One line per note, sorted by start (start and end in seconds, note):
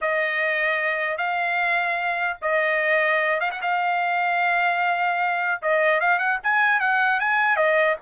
0.01 1.17 D#5
1.17 2.37 F5
2.41 3.40 D#5
3.40 3.50 F5
3.51 3.61 F#5
3.61 5.61 F5
5.62 6.00 D#5
6.00 6.19 F5
6.19 6.39 F#5
6.43 6.79 G#5
6.79 7.19 F#5
7.19 7.56 G#5
7.56 7.96 D#5